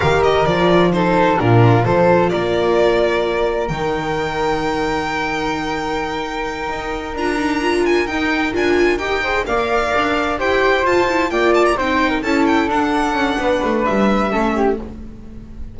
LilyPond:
<<
  \new Staff \with { instrumentName = "violin" } { \time 4/4 \tempo 4 = 130 f''8 dis''8 d''4 c''4 ais'4 | c''4 d''2. | g''1~ | g''2.~ g''8 ais''8~ |
ais''4 gis''8 g''4 gis''4 g''8~ | g''8 f''2 g''4 a''8~ | a''8 g''8 a''16 ais''16 g''4 a''8 g''8 fis''8~ | fis''2 e''2 | }
  \new Staff \with { instrumentName = "flute" } { \time 4/4 ais'2 a'4 f'4 | a'4 ais'2.~ | ais'1~ | ais'1~ |
ais'1 | c''8 d''2 c''4.~ | c''8 d''4 c''8. ais'16 a'4.~ | a'4 b'2 a'8 g'8 | }
  \new Staff \with { instrumentName = "viola" } { \time 4/4 g'4 f'4 dis'4 d'4 | f'1 | dis'1~ | dis'2.~ dis'8 f'8 |
dis'8 f'4 dis'4 f'4 g'8 | gis'8 ais'2 g'4 f'8 | e'8 f'4 dis'4 e'4 d'8~ | d'2. cis'4 | }
  \new Staff \with { instrumentName = "double bass" } { \time 4/4 dis4 f2 ais,4 | f4 ais2. | dis1~ | dis2~ dis8 dis'4 d'8~ |
d'4. dis'4 d'4 dis'8~ | dis'8 ais4 d'4 e'4 f'8~ | f'8 ais4 c'4 cis'4 d'8~ | d'8 cis'8 b8 a8 g4 a4 | }
>>